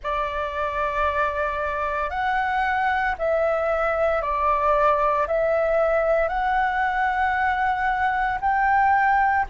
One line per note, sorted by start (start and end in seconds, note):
0.02 2.10 D5
2.10 3.15 F#5
3.18 4.21 E5
4.21 5.26 D5
5.27 6.28 E5
6.28 8.39 F#5
8.40 9.45 G5